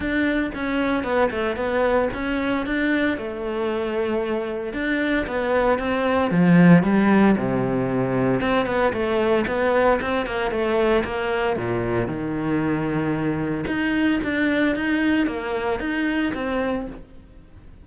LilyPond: \new Staff \with { instrumentName = "cello" } { \time 4/4 \tempo 4 = 114 d'4 cis'4 b8 a8 b4 | cis'4 d'4 a2~ | a4 d'4 b4 c'4 | f4 g4 c2 |
c'8 b8 a4 b4 c'8 ais8 | a4 ais4 ais,4 dis4~ | dis2 dis'4 d'4 | dis'4 ais4 dis'4 c'4 | }